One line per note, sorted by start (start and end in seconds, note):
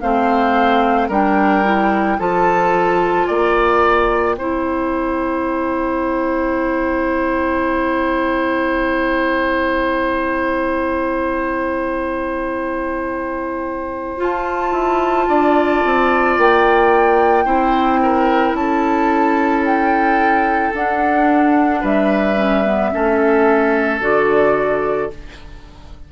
0.00 1.09 A3
0.00 1.11 C4
0.00 1.08 C5
0.00 1.09 F5
1.08 2.18 G3
1.08 1.64 D4
1.08 2.17 A#4
1.08 2.19 G5
1.64 2.18 E4
2.18 3.28 F3
2.18 4.37 F4
2.18 3.27 A4
2.18 3.28 A5
3.27 4.36 A#3
3.27 4.36 D5
3.27 14.19 G5
4.36 14.18 C4
4.36 14.17 E4
4.36 15.28 C5
14.17 17.45 F4
14.17 14.72 F4
14.17 16.38 A5
14.72 15.26 E4
15.28 15.83 D4
15.28 17.45 D5
15.85 16.38 C4
16.38 17.45 A#3
16.38 18.55 G5
17.45 18.53 C4
17.45 20.72 E4
17.45 17.99 C5
18.02 18.57 A#4
18.53 20.71 C#4
18.53 19.64 A5
18.60 21.81 A4
19.65 20.74 G5
20.74 22.36 D4
20.74 21.83 D4
20.74 21.84 F#5
21.81 22.92 G3
21.81 22.90 B4
21.81 24.01 E5
22.36 22.64 C#4
22.64 22.92 B3
22.92 24.00 A3
22.92 24.00 C#4
22.92 25.12 A4
24.00 25.10 D3
24.00 25.10 F#4
24.00 25.10 D5